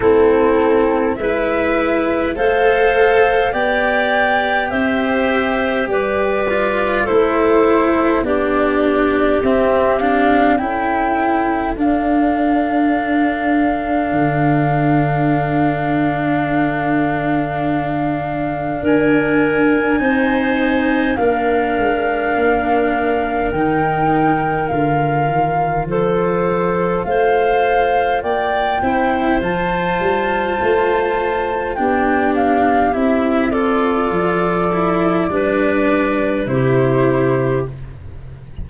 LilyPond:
<<
  \new Staff \with { instrumentName = "flute" } { \time 4/4 \tempo 4 = 51 a'4 e''4 f''4 g''4 | e''4 d''4 c''4 d''4 | e''8 f''8 g''4 f''2~ | f''1 |
gis''2 f''2 | g''4 f''4 c''4 f''4 | g''4 a''2 g''8 f''8 | e''8 d''2~ d''8 c''4 | }
  \new Staff \with { instrumentName = "clarinet" } { \time 4/4 e'4 b'4 c''4 d''4 | c''4 b'4 a'4 g'4~ | g'4 a'2.~ | a'1 |
ais'4 c''4 ais'2~ | ais'2 a'4 c''4 | d''8 c''2~ c''8 g'4~ | g'8 a'4. b'4 g'4 | }
  \new Staff \with { instrumentName = "cello" } { \time 4/4 c'4 e'4 a'4 g'4~ | g'4. f'8 e'4 d'4 | c'8 d'8 e'4 d'2~ | d'1~ |
d'4 dis'4 d'2 | dis'4 f'2.~ | f'8 e'8 f'2 d'4 | e'8 f'4 e'8 d'4 e'4 | }
  \new Staff \with { instrumentName = "tuba" } { \time 4/4 a4 gis4 a4 b4 | c'4 g4 a4 b4 | c'4 cis'4 d'2 | d1 |
d'4 c'4 ais8 gis8 ais4 | dis4 d8 dis8 f4 a4 | ais8 c'8 f8 g8 a4 b4 | c'4 f4 g4 c4 | }
>>